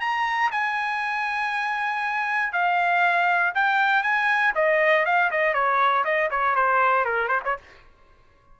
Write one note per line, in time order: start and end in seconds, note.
0.00 0.50 A#5
0.51 2.52 G#5
2.52 3.53 F5
3.54 4.03 G5
4.03 4.53 G#5
4.54 5.05 D#5
5.05 5.30 F5
5.31 5.53 D#5
5.53 6.04 C#5
6.04 6.29 D#5
6.30 6.55 C#5
6.55 7.05 C5
7.05 7.28 A#4
7.28 7.40 C5
7.44 7.57 C#5